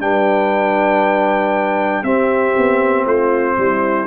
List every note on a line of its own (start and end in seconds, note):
0.00 2.03 G3
0.00 2.04 D4
0.00 2.04 B4
0.00 2.03 G5
2.03 2.54 C4
2.03 4.07 C4
2.03 3.05 G4
2.03 3.05 E5
2.57 3.05 B3
3.05 3.56 A3
3.05 3.56 F4
3.05 4.07 C5
3.57 4.07 G3
3.57 4.07 E4